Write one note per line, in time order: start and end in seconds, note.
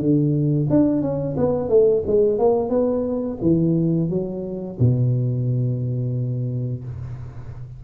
0.00 0.68 D3
0.70 1.02 D4
1.02 1.36 C#4
1.38 1.69 B3
1.69 2.03 A3
2.07 2.39 G#3
2.39 2.70 A#3
2.70 3.38 B3
3.42 4.10 E3
4.10 4.78 F#3
4.79 6.84 B2